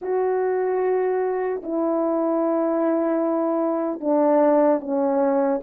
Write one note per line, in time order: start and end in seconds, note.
0.01 1.61 F#4
1.63 4.00 E4
4.00 4.80 D4
4.80 5.60 C#4